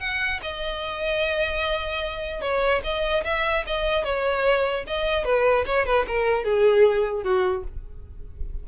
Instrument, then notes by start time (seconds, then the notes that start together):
violin
0.00 F#5
0.42 D#5
2.41 C#5
2.84 D#5
3.24 E5
3.67 D#5
4.04 C#5
4.87 D#5
5.25 B4
5.66 C#5
5.86 B4
6.07 A#4
6.44 G#4
7.23 F#4